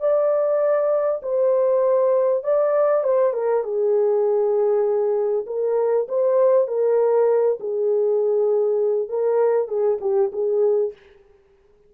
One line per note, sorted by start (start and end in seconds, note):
0.00 1.21 D5
1.22 2.43 C5
2.44 3.04 D5
3.04 3.33 C5
3.33 3.64 A#4
3.64 5.45 G#4
5.46 6.07 A#4
6.09 6.67 C5
6.67 7.58 A#4
7.60 9.09 G#4
9.09 9.68 A#4
9.68 9.98 G#4
10.01 10.31 G4
10.32 10.93 G#4